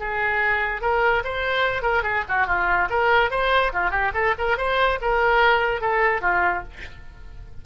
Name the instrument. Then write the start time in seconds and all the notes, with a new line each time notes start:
oboe
0.00 G#4
0.82 A#4
1.24 C5
1.82 A#4
2.03 G#4
2.29 F#4
2.47 F4
2.90 A#4
3.31 C5
3.73 F4
3.91 G4
4.14 A4
4.38 A#4
4.58 C5
5.02 A#4
5.81 A4
6.22 F4